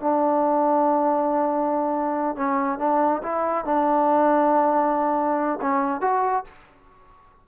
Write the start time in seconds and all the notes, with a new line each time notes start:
0.00 D4
2.36 C#4
2.78 D4
3.22 E4
3.65 D4
5.61 C#4
6.01 F#4